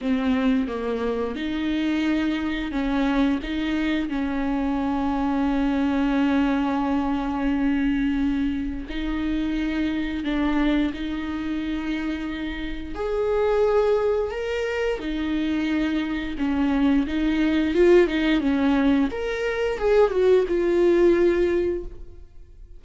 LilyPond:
\new Staff \with { instrumentName = "viola" } { \time 4/4 \tempo 4 = 88 c'4 ais4 dis'2 | cis'4 dis'4 cis'2~ | cis'1~ | cis'4 dis'2 d'4 |
dis'2. gis'4~ | gis'4 ais'4 dis'2 | cis'4 dis'4 f'8 dis'8 cis'4 | ais'4 gis'8 fis'8 f'2 | }